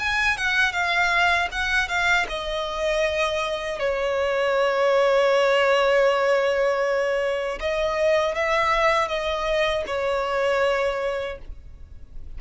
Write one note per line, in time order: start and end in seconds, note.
0.00 0.38 G#5
0.38 0.73 F#5
0.73 1.49 F5
1.52 1.89 F#5
1.89 2.27 F5
2.29 3.80 D#5
3.80 7.59 C#5
7.61 8.35 D#5
8.35 9.09 E5
9.09 9.85 D#5
9.87 11.39 C#5